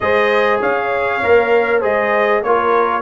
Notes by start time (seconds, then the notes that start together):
0.00 G#3 G#4 C5 D#5
0.61 C#4 C#5 F5
1.22 A#3 A#4
1.80 G#3 G#4 C5 D#5
2.42 A#3 F4 A#4 C#5